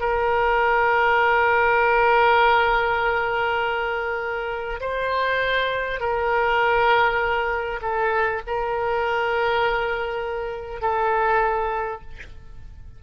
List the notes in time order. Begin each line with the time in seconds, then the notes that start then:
0.00 A#4
4.80 C5
5.99 A#4
7.82 A4
8.47 A#4
10.81 A4